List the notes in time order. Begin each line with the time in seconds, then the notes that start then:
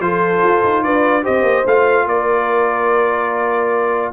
0.00 F3 F4 A4 C5
0.43 F4
0.64 D#4
0.83 D4 B4 D5
1.22 C4 G4 C5 D#5
1.42 A#3
1.66 A3 F4 F5
2.06 A#3 A#4 D5